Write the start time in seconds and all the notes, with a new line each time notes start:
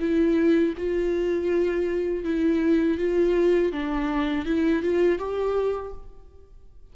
0.00 E4
0.78 F4
2.25 E4
2.98 F4
3.72 D4
4.46 E4
4.83 F4
5.19 G4